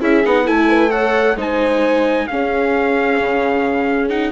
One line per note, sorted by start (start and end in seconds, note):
0.00 0.24 C#4
0.00 0.23 E4
0.00 0.45 G#4
0.00 0.26 E5
0.25 0.48 B3
0.25 0.45 D#4
0.25 0.47 F#5
0.45 1.36 A3
0.45 0.89 E4
0.45 0.67 A4
0.45 0.91 G#5
0.69 0.91 B4
0.89 1.35 A4
0.89 1.36 C#5
0.89 1.36 F#5
1.36 2.27 G#3
1.36 2.28 D#4
1.36 2.28 C5
1.36 2.27 G#5
2.27 4.09 C#4
2.27 3.20 C#4
2.27 4.32 G#4
2.27 4.09 F5
3.20 4.32 C#3
4.09 4.32 D#4
4.09 4.32 F#5